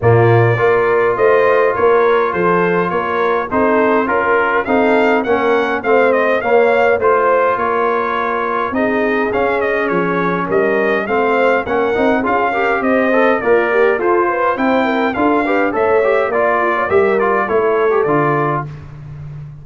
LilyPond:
<<
  \new Staff \with { instrumentName = "trumpet" } { \time 4/4 \tempo 4 = 103 d''2 dis''4 cis''4 | c''4 cis''4 c''4 ais'4 | f''4 fis''4 f''8 dis''8 f''4 | c''4 cis''2 dis''4 |
f''8 dis''8 cis''4 dis''4 f''4 | fis''4 f''4 dis''4 d''4 | c''4 g''4 f''4 e''4 | d''4 e''8 d''8 cis''4 d''4 | }
  \new Staff \with { instrumentName = "horn" } { \time 4/4 f'4 ais'4 c''4 ais'4 | a'4 ais'4 a'4 ais'4 | a'4 ais'4 c''4 cis''4 | c''4 ais'2 gis'4~ |
gis'2 ais'4 c''4 | ais'4 gis'8 ais'8 c''4 f'8 g'8 | a'8 b'8 c''8 ais'8 a'8 b'8 cis''4 | d''8 f'16 cis''16 ais'4 a'2 | }
  \new Staff \with { instrumentName = "trombone" } { \time 4/4 ais4 f'2.~ | f'2 dis'4 f'4 | dis'4 cis'4 c'4 ais4 | f'2. dis'4 |
cis'2. c'4 | cis'8 dis'8 f'8 g'4 a'8 ais'4 | f'4 e'4 f'8 g'8 a'8 g'8 | f'4 g'8 f'8 e'8. g'16 f'4 | }
  \new Staff \with { instrumentName = "tuba" } { \time 4/4 ais,4 ais4 a4 ais4 | f4 ais4 c'4 cis'4 | c'4 ais4 a4 ais4 | a4 ais2 c'4 |
cis'4 f4 g4 a4 | ais8 c'8 cis'4 c'4 ais4 | f'4 c'4 d'4 a4 | ais4 g4 a4 d4 | }
>>